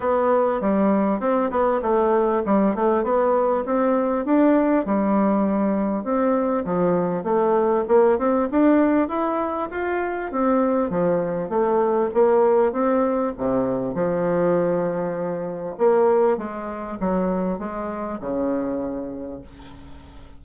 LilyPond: \new Staff \with { instrumentName = "bassoon" } { \time 4/4 \tempo 4 = 99 b4 g4 c'8 b8 a4 | g8 a8 b4 c'4 d'4 | g2 c'4 f4 | a4 ais8 c'8 d'4 e'4 |
f'4 c'4 f4 a4 | ais4 c'4 c4 f4~ | f2 ais4 gis4 | fis4 gis4 cis2 | }